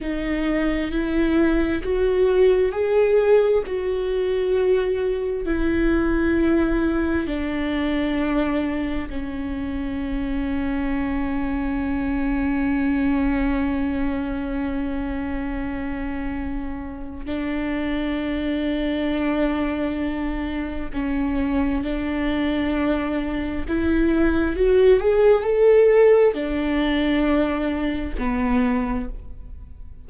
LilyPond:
\new Staff \with { instrumentName = "viola" } { \time 4/4 \tempo 4 = 66 dis'4 e'4 fis'4 gis'4 | fis'2 e'2 | d'2 cis'2~ | cis'1~ |
cis'2. d'4~ | d'2. cis'4 | d'2 e'4 fis'8 gis'8 | a'4 d'2 b4 | }